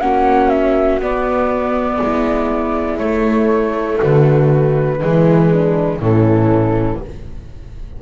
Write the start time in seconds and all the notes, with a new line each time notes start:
0.00 A#3 C#4 F#4 F#5
0.49 E5
0.99 B3 D5
2.01 G#3 E4
2.97 A3 C#5
3.99 D3 F#4 B4
5.00 E3 G#3 E4
5.52 D4
5.99 A2 E3 C#4 A4